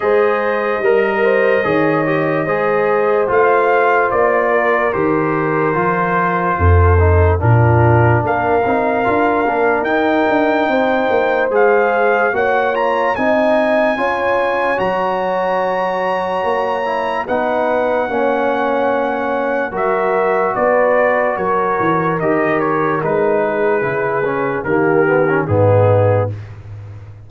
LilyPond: <<
  \new Staff \with { instrumentName = "trumpet" } { \time 4/4 \tempo 4 = 73 dis''1 | f''4 d''4 c''2~ | c''4 ais'4 f''2 | g''2 f''4 fis''8 ais''8 |
gis''2 ais''2~ | ais''4 fis''2. | e''4 d''4 cis''4 dis''8 cis''8 | b'2 ais'4 gis'4 | }
  \new Staff \with { instrumentName = "horn" } { \time 4/4 c''4 ais'8 c''8 cis''4 c''4~ | c''4. ais'2~ ais'8 | a'4 f'4 ais'2~ | ais'4 c''2 cis''4 |
dis''4 cis''2.~ | cis''4 b'4 cis''2 | ais'4 b'4 ais'2~ | ais'8 gis'4. g'4 dis'4 | }
  \new Staff \with { instrumentName = "trombone" } { \time 4/4 gis'4 ais'4 gis'8 g'8 gis'4 | f'2 g'4 f'4~ | f'8 dis'8 d'4. dis'8 f'8 d'8 | dis'2 gis'4 fis'8 f'8 |
dis'4 f'4 fis'2~ | fis'8 e'8 dis'4 cis'2 | fis'2. g'4 | dis'4 e'8 cis'8 ais8 b16 cis'16 b4 | }
  \new Staff \with { instrumentName = "tuba" } { \time 4/4 gis4 g4 dis4 gis4 | a4 ais4 dis4 f4 | f,4 ais,4 ais8 c'8 d'8 ais8 | dis'8 d'8 c'8 ais8 gis4 ais4 |
c'4 cis'4 fis2 | ais4 b4 ais2 | fis4 b4 fis8 e8 dis4 | gis4 cis4 dis4 gis,4 | }
>>